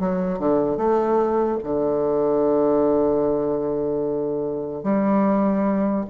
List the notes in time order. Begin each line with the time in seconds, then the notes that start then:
0.00 F#3
0.39 D3
0.77 A3
1.64 D3
4.84 G3